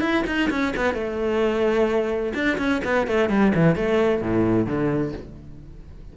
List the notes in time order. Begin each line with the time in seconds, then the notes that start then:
0.00 E4
0.26 D#4
0.50 C#4
0.76 B3
0.93 A3
2.34 D4
2.58 C#4
2.84 B3
3.07 A3
3.29 G3
3.54 E3
3.75 A3
4.21 A2
4.66 D3